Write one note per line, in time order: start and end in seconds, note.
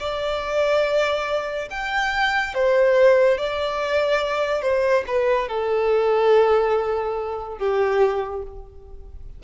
0.00 1.69 D5
1.70 2.55 G5
2.55 3.38 C5
3.38 4.62 D5
4.62 5.04 C5
5.07 5.49 B4
5.49 7.58 A4
7.58 8.43 G4